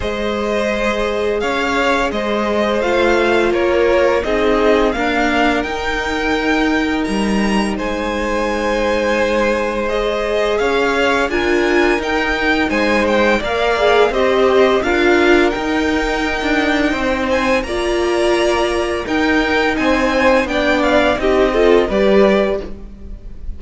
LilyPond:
<<
  \new Staff \with { instrumentName = "violin" } { \time 4/4 \tempo 4 = 85 dis''2 f''4 dis''4 | f''4 cis''4 dis''4 f''4 | g''2 ais''4 gis''4~ | gis''2 dis''4 f''4 |
gis''4 g''4 gis''8 g''8 f''4 | dis''4 f''4 g''2~ | g''8 gis''8 ais''2 g''4 | gis''4 g''8 f''8 dis''4 d''4 | }
  \new Staff \with { instrumentName = "violin" } { \time 4/4 c''2 cis''4 c''4~ | c''4 ais'4 gis'4 ais'4~ | ais'2. c''4~ | c''2. cis''4 |
ais'2 c''4 d''4 | c''4 ais'2. | c''4 d''2 ais'4 | c''4 d''4 g'8 a'8 b'4 | }
  \new Staff \with { instrumentName = "viola" } { \time 4/4 gis'1 | f'2 dis'4 ais4 | dis'1~ | dis'2 gis'2 |
f'4 dis'2 ais'8 gis'8 | g'4 f'4 dis'2~ | dis'4 f'2 dis'4~ | dis'4 d'4 dis'8 f'8 g'4 | }
  \new Staff \with { instrumentName = "cello" } { \time 4/4 gis2 cis'4 gis4 | a4 ais4 c'4 d'4 | dis'2 g4 gis4~ | gis2. cis'4 |
d'4 dis'4 gis4 ais4 | c'4 d'4 dis'4~ dis'16 d'8. | c'4 ais2 dis'4 | c'4 b4 c'4 g4 | }
>>